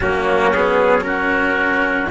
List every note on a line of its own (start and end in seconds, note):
0.00 2.09 F#3
0.00 0.54 A#3
0.00 1.05 C#4
0.00 0.53 F#4
0.53 1.00 B3
0.53 1.02 G#4
1.00 2.06 C#4
1.00 2.11 F#4
1.00 2.07 A#4